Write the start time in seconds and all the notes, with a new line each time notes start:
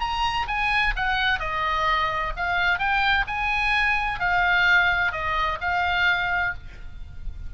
0.00 A#5
0.48 G#5
0.96 F#5
1.40 D#5
2.36 F5
2.79 G5
3.27 G#5
4.19 F5
5.12 D#5
5.61 F5